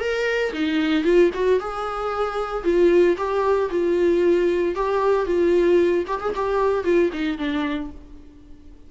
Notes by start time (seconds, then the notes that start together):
0.00 A#4
0.53 D#4
1.04 F4
1.34 F#4
1.60 G#4
2.64 F4
3.17 G4
3.71 F4
4.76 G4
5.26 F4
6.07 G4
6.21 G#4
6.35 G4
6.84 F4
7.13 D#4
7.38 D4